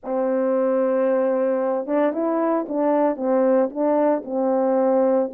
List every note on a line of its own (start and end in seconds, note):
0.04 1.86 C4
1.86 2.12 D4
2.12 2.65 E4
2.68 3.16 D4
3.16 3.69 C4
3.70 4.23 D4
4.24 5.30 C4